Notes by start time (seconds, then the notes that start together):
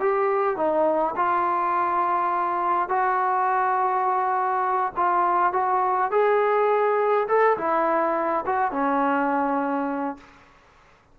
0.00 G4
0.57 D#4
1.16 F4
2.89 F#4
4.96 F4
5.53 F#4
6.11 G#4
7.28 A4
7.58 E4
8.46 F#4
8.71 C#4